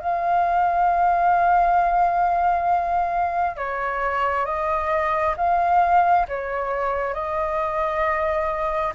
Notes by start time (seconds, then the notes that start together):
0.00 F5
3.57 C#5
4.45 D#5
5.37 F5
6.28 C#5
7.14 D#5